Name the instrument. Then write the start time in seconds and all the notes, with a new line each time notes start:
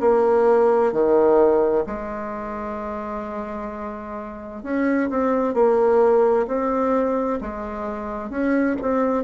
bassoon
0.00 A#3
0.92 D#3
1.86 G#3
4.63 C#4
5.10 C4
5.54 A#3
6.47 C4
7.41 G#3
8.30 C#4
8.82 C4